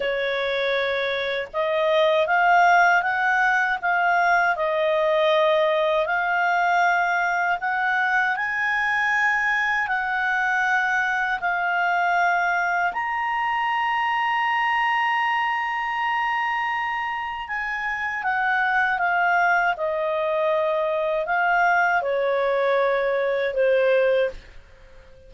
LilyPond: \new Staff \with { instrumentName = "clarinet" } { \time 4/4 \tempo 4 = 79 cis''2 dis''4 f''4 | fis''4 f''4 dis''2 | f''2 fis''4 gis''4~ | gis''4 fis''2 f''4~ |
f''4 ais''2.~ | ais''2. gis''4 | fis''4 f''4 dis''2 | f''4 cis''2 c''4 | }